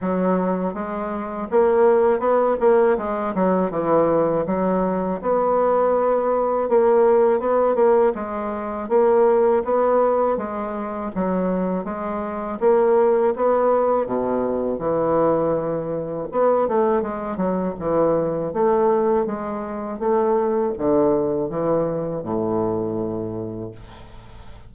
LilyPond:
\new Staff \with { instrumentName = "bassoon" } { \time 4/4 \tempo 4 = 81 fis4 gis4 ais4 b8 ais8 | gis8 fis8 e4 fis4 b4~ | b4 ais4 b8 ais8 gis4 | ais4 b4 gis4 fis4 |
gis4 ais4 b4 b,4 | e2 b8 a8 gis8 fis8 | e4 a4 gis4 a4 | d4 e4 a,2 | }